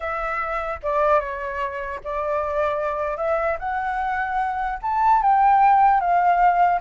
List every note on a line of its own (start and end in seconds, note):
0.00 0.80 E5
0.83 1.20 D5
1.20 2.00 C#5
2.04 3.17 D5
3.17 3.57 E5
3.59 4.79 F#5
4.81 5.21 A5
5.22 6.00 G5
6.00 6.80 F5